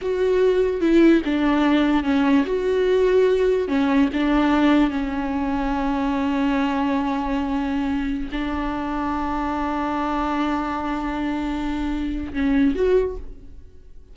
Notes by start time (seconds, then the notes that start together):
0.01 F#4
0.81 E4
1.25 D4
2.03 C#4
2.45 F#4
3.68 C#4
4.13 D4
4.90 C#4
8.32 D4
12.33 C#4
12.75 F#4